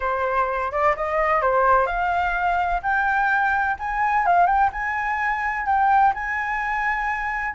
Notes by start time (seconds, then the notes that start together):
0.00 C5
0.71 D5
0.96 D#5
1.41 C5
1.86 F5
2.82 G5
3.79 G#5
4.26 F5
4.46 G5
4.72 G#5
5.66 G5
6.14 G#5